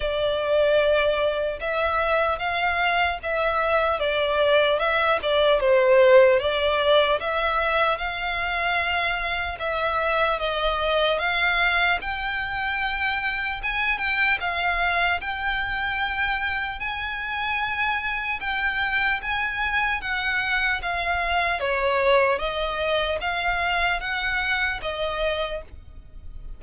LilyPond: \new Staff \with { instrumentName = "violin" } { \time 4/4 \tempo 4 = 75 d''2 e''4 f''4 | e''4 d''4 e''8 d''8 c''4 | d''4 e''4 f''2 | e''4 dis''4 f''4 g''4~ |
g''4 gis''8 g''8 f''4 g''4~ | g''4 gis''2 g''4 | gis''4 fis''4 f''4 cis''4 | dis''4 f''4 fis''4 dis''4 | }